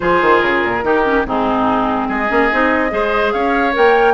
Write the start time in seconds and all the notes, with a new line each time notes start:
0.00 F3 F4 G#4 C5
0.21 D#3
0.40 C#3 A#4
0.64 A#2
0.82 D#3 D#4 G4
1.04 C#4
1.25 G#2 C4 D#4 G#4
2.07 G#3 G#4 D#5
2.28 A#3 C#4
2.52 C4 D#4
2.89 G#3 G#4 C5
3.32 C#4 C#5 F5
3.72 A#3 A#4 G5